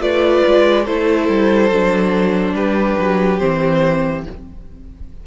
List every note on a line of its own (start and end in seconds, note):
0.00 0.42 A3
0.00 0.85 F4
0.00 0.85 B4
0.00 0.86 D5
0.47 0.87 G#3
0.85 1.29 A3
0.85 1.71 E4
0.85 2.54 A4
0.85 2.55 C5
1.29 1.70 G3
1.70 2.53 F#3
1.70 3.39 D4
2.53 2.95 G3
2.53 4.24 G4
2.53 3.39 B4
2.99 3.41 F#3
3.39 4.26 E3
3.39 4.23 C4
3.39 4.24 C5